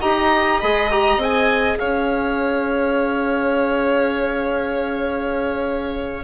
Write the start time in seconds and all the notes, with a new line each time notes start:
0.00 D#4 G4 D#5 A#5
0.61 G#3 G#4 B5
0.91 G4 A#5
1.17 C4 G#4 G#5
1.79 C#4 C#5 F5